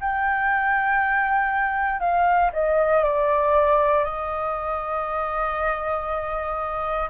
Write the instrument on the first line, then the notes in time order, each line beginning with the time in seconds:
flute
0.00 G5
2.00 F5
2.52 D#5
3.03 D5
4.04 D#5